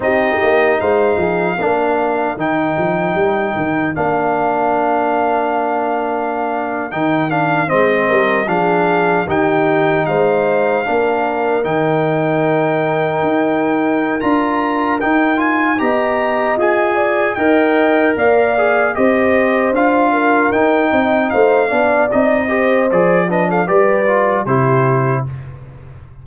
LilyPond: <<
  \new Staff \with { instrumentName = "trumpet" } { \time 4/4 \tempo 4 = 76 dis''4 f''2 g''4~ | g''4 f''2.~ | f''8. g''8 f''8 dis''4 f''4 g''16~ | g''8. f''2 g''4~ g''16~ |
g''2 ais''4 g''8 gis''8 | ais''4 gis''4 g''4 f''4 | dis''4 f''4 g''4 f''4 | dis''4 d''8 dis''16 f''16 d''4 c''4 | }
  \new Staff \with { instrumentName = "horn" } { \time 4/4 g'4 c''8 gis'8 ais'2~ | ais'1~ | ais'4.~ ais'16 c''8 ais'8 gis'4 g'16~ | g'8. c''4 ais'2~ ais'16~ |
ais'1 | dis''4. d''8 dis''4 d''4 | c''4. ais'4 dis''8 c''8 d''8~ | d''8 c''4 b'16 a'16 b'4 g'4 | }
  \new Staff \with { instrumentName = "trombone" } { \time 4/4 dis'2 d'4 dis'4~ | dis'4 d'2.~ | d'8. dis'8 d'8 c'4 d'4 dis'16~ | dis'4.~ dis'16 d'4 dis'4~ dis'16~ |
dis'2 f'4 dis'8 f'8 | g'4 gis'4 ais'4. gis'8 | g'4 f'4 dis'4. d'8 | dis'8 g'8 gis'8 d'8 g'8 f'8 e'4 | }
  \new Staff \with { instrumentName = "tuba" } { \time 4/4 c'8 ais8 gis8 f8 ais4 dis8 f8 | g8 dis8 ais2.~ | ais8. dis4 gis8 g8 f4 dis16~ | dis8. gis4 ais4 dis4~ dis16~ |
dis8. dis'4~ dis'16 d'4 dis'4 | b4 f'4 dis'4 ais4 | c'4 d'4 dis'8 c'8 a8 b8 | c'4 f4 g4 c4 | }
>>